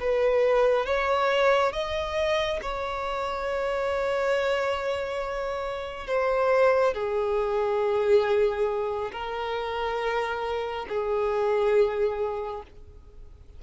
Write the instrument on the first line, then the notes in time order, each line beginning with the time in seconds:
violin
0.00 B4
0.87 C#5
1.73 D#5
2.62 C#5
6.08 C5
6.94 G#4
9.13 A#4
10.89 G#4